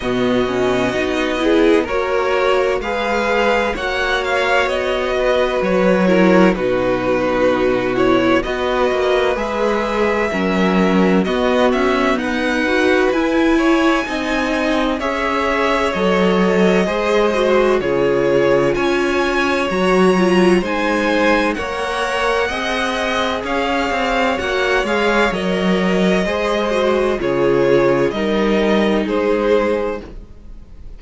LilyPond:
<<
  \new Staff \with { instrumentName = "violin" } { \time 4/4 \tempo 4 = 64 dis''2 cis''4 f''4 | fis''8 f''8 dis''4 cis''4 b'4~ | b'8 cis''8 dis''4 e''2 | dis''8 e''8 fis''4 gis''2 |
e''4 dis''2 cis''4 | gis''4 ais''4 gis''4 fis''4~ | fis''4 f''4 fis''8 f''8 dis''4~ | dis''4 cis''4 dis''4 c''4 | }
  \new Staff \with { instrumentName = "violin" } { \time 4/4 fis'4. gis'8 ais'4 b'4 | cis''4. b'4 ais'8 fis'4~ | fis'4 b'2 ais'4 | fis'4 b'4. cis''8 dis''4 |
cis''2 c''4 gis'4 | cis''2 c''4 cis''4 | dis''4 cis''2. | c''4 gis'4 ais'4 gis'4 | }
  \new Staff \with { instrumentName = "viola" } { \time 4/4 b8 cis'8 dis'8 e'8 fis'4 gis'4 | fis'2~ fis'8 e'8 dis'4~ | dis'8 e'8 fis'4 gis'4 cis'4 | b4. fis'8 e'4 dis'4 |
gis'4 a'4 gis'8 fis'8 f'4~ | f'4 fis'8 f'8 dis'4 ais'4 | gis'2 fis'8 gis'8 ais'4 | gis'8 fis'8 f'4 dis'2 | }
  \new Staff \with { instrumentName = "cello" } { \time 4/4 b,4 b4 ais4 gis4 | ais4 b4 fis4 b,4~ | b,4 b8 ais8 gis4 fis4 | b8 cis'8 dis'4 e'4 c'4 |
cis'4 fis4 gis4 cis4 | cis'4 fis4 gis4 ais4 | c'4 cis'8 c'8 ais8 gis8 fis4 | gis4 cis4 g4 gis4 | }
>>